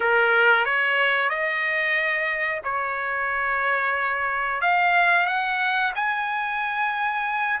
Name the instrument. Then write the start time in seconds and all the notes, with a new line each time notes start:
trumpet
0.00 A#4
0.65 C#5
1.29 D#5
2.64 C#5
4.61 F5
5.26 F#5
5.95 G#5